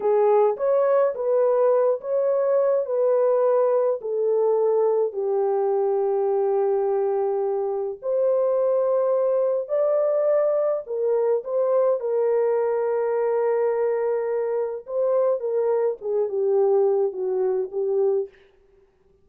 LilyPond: \new Staff \with { instrumentName = "horn" } { \time 4/4 \tempo 4 = 105 gis'4 cis''4 b'4. cis''8~ | cis''4 b'2 a'4~ | a'4 g'2.~ | g'2 c''2~ |
c''4 d''2 ais'4 | c''4 ais'2.~ | ais'2 c''4 ais'4 | gis'8 g'4. fis'4 g'4 | }